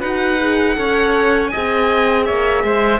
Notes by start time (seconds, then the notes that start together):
0.00 D#4 F#4 B4 F#5
0.39 G#4
0.75 C#4 A4 C#5
1.48 G#4 D#5 G#5
1.56 C4
2.25 A#3 C#5 E5
2.63 G#3 C5